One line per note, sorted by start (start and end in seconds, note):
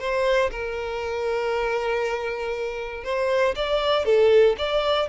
0.00 0.51 C5
0.52 3.04 A#4
3.04 3.55 C5
3.56 4.06 D5
4.06 4.56 A4
4.58 5.09 D5